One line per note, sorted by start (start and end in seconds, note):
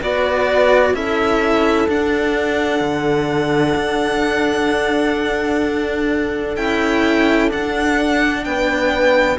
0.00 0.93 B3
0.00 0.94 F#4
0.00 0.94 B4
0.00 0.94 D5
0.93 1.87 C#4
0.93 1.88 E4
0.93 8.45 A4
0.93 1.88 E5
1.87 2.80 D4
1.87 6.57 D4
1.87 6.55 F#5
2.80 3.74 D3
3.75 6.56 D4
6.55 7.51 C#4
6.55 7.48 E4
6.55 7.49 G5
7.48 9.36 D4
7.48 8.45 D4
7.48 8.44 F#5
8.44 9.38 B3
8.44 9.38 B4
8.44 9.38 G5